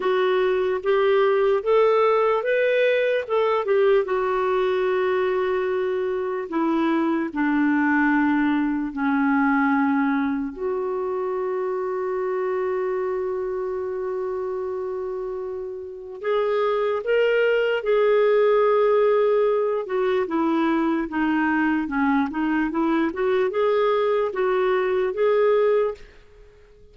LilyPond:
\new Staff \with { instrumentName = "clarinet" } { \time 4/4 \tempo 4 = 74 fis'4 g'4 a'4 b'4 | a'8 g'8 fis'2. | e'4 d'2 cis'4~ | cis'4 fis'2.~ |
fis'1 | gis'4 ais'4 gis'2~ | gis'8 fis'8 e'4 dis'4 cis'8 dis'8 | e'8 fis'8 gis'4 fis'4 gis'4 | }